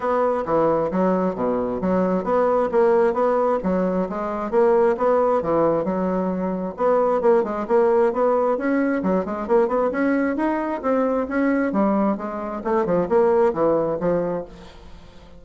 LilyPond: \new Staff \with { instrumentName = "bassoon" } { \time 4/4 \tempo 4 = 133 b4 e4 fis4 b,4 | fis4 b4 ais4 b4 | fis4 gis4 ais4 b4 | e4 fis2 b4 |
ais8 gis8 ais4 b4 cis'4 | fis8 gis8 ais8 b8 cis'4 dis'4 | c'4 cis'4 g4 gis4 | a8 f8 ais4 e4 f4 | }